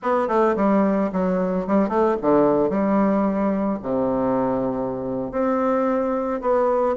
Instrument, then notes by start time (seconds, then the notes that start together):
bassoon
0.02 B3
0.28 A3
0.56 G3
1.12 F#3
1.67 G3
1.88 A3
2.21 D3
2.69 G3
3.82 C3
5.31 C4
6.41 B3